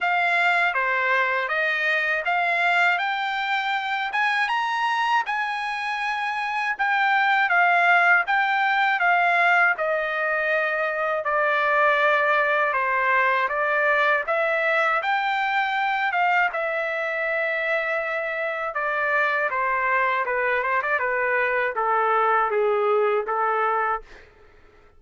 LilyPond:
\new Staff \with { instrumentName = "trumpet" } { \time 4/4 \tempo 4 = 80 f''4 c''4 dis''4 f''4 | g''4. gis''8 ais''4 gis''4~ | gis''4 g''4 f''4 g''4 | f''4 dis''2 d''4~ |
d''4 c''4 d''4 e''4 | g''4. f''8 e''2~ | e''4 d''4 c''4 b'8 c''16 d''16 | b'4 a'4 gis'4 a'4 | }